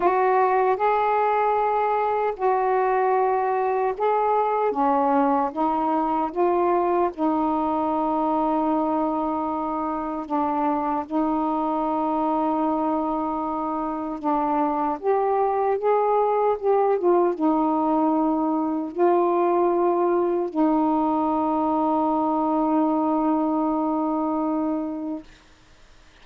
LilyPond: \new Staff \with { instrumentName = "saxophone" } { \time 4/4 \tempo 4 = 76 fis'4 gis'2 fis'4~ | fis'4 gis'4 cis'4 dis'4 | f'4 dis'2.~ | dis'4 d'4 dis'2~ |
dis'2 d'4 g'4 | gis'4 g'8 f'8 dis'2 | f'2 dis'2~ | dis'1 | }